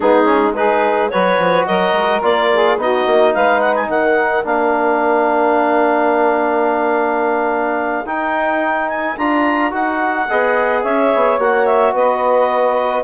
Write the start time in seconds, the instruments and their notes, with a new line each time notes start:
0.00 bassoon G#3, trombone B3, saxophone D#4, clarinet G#4
0.24 trombone C#4
0.54 trombone D#4, saxophone G#4, clarinet B4
1.09 bassoon F#3, trombone F#4, saxophone B4, clarinet C#5
1.38 bassoon F3
1.66 bassoon F#3, saxophone A#4, clarinet D#5
1.93 bassoon G#3
2.22 bassoon A#3, trombone F4, clarinet D5
2.53 saxophone G#4
2.77 bassoon B3, trombone D#4, saxophone F#4, clarinet D#5
3.06 bassoon A#3
3.33 bassoon G#3, saxophone B4, clarinet F5
3.60 clarinet F#5
3.75 clarinet G#5
3.87 bassoon D#3, saxophone A#4, clarinet F#5
4.44 bassoon A#3, trombone D4, clarinet F5
8.04 bassoon D#4, trombone D#4, clarinet G5
8.88 clarinet G#5
9.17 bassoon D4, trombone F4, clarinet A#5
9.70 bassoon D#4, trombone F#4, clarinet F#5
10.29 bassoon B3, trombone G#4, saxophone D#5
10.82 bassoon C#4, saxophone C#5, clarinet E5
11.14 bassoon B3
11.38 bassoon A#3, trombone F#4, clarinet F#5
11.65 clarinet E5
11.92 bassoon B3, saxophone B4, clarinet D#5